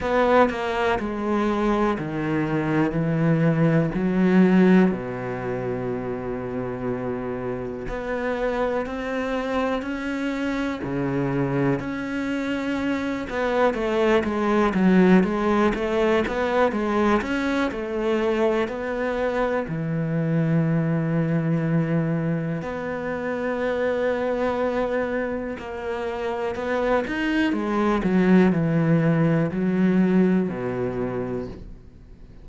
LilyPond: \new Staff \with { instrumentName = "cello" } { \time 4/4 \tempo 4 = 61 b8 ais8 gis4 dis4 e4 | fis4 b,2. | b4 c'4 cis'4 cis4 | cis'4. b8 a8 gis8 fis8 gis8 |
a8 b8 gis8 cis'8 a4 b4 | e2. b4~ | b2 ais4 b8 dis'8 | gis8 fis8 e4 fis4 b,4 | }